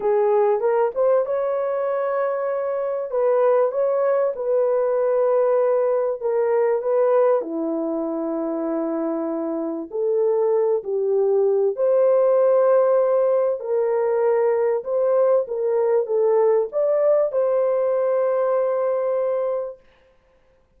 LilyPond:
\new Staff \with { instrumentName = "horn" } { \time 4/4 \tempo 4 = 97 gis'4 ais'8 c''8 cis''2~ | cis''4 b'4 cis''4 b'4~ | b'2 ais'4 b'4 | e'1 |
a'4. g'4. c''4~ | c''2 ais'2 | c''4 ais'4 a'4 d''4 | c''1 | }